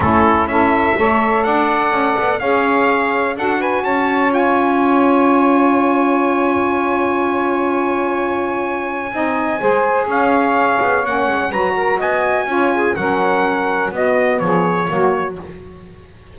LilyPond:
<<
  \new Staff \with { instrumentName = "trumpet" } { \time 4/4 \tempo 4 = 125 a'4 e''2 fis''4~ | fis''4 f''2 fis''8 gis''8 | a''4 gis''2.~ | gis''1~ |
gis''1~ | gis''4 f''2 fis''4 | ais''4 gis''2 fis''4~ | fis''4 dis''4 cis''2 | }
  \new Staff \with { instrumentName = "saxophone" } { \time 4/4 e'4 a'4 cis''4 d''4~ | d''4 cis''2 a'8 b'8 | cis''1~ | cis''1~ |
cis''2. dis''4 | c''4 cis''2. | b'8 ais'8 dis''4 cis''8 gis'8 ais'4~ | ais'4 fis'4 gis'4 fis'4 | }
  \new Staff \with { instrumentName = "saxophone" } { \time 4/4 cis'4 e'4 a'2~ | a'4 gis'2 fis'4~ | fis'4 f'2.~ | f'1~ |
f'2. dis'4 | gis'2. cis'4 | fis'2 f'4 cis'4~ | cis'4 b2 ais4 | }
  \new Staff \with { instrumentName = "double bass" } { \time 4/4 a4 cis'4 a4 d'4 | cis'8 b8 cis'2 d'4 | cis'1~ | cis'1~ |
cis'2. c'4 | gis4 cis'4. b8 ais8 gis8 | fis4 b4 cis'4 fis4~ | fis4 b4 f4 fis4 | }
>>